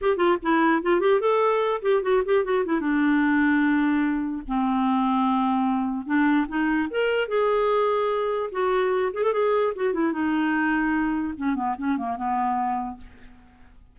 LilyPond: \new Staff \with { instrumentName = "clarinet" } { \time 4/4 \tempo 4 = 148 g'8 f'8 e'4 f'8 g'8 a'4~ | a'8 g'8 fis'8 g'8 fis'8 e'8 d'4~ | d'2. c'4~ | c'2. d'4 |
dis'4 ais'4 gis'2~ | gis'4 fis'4. gis'16 a'16 gis'4 | fis'8 e'8 dis'2. | cis'8 b8 cis'8 ais8 b2 | }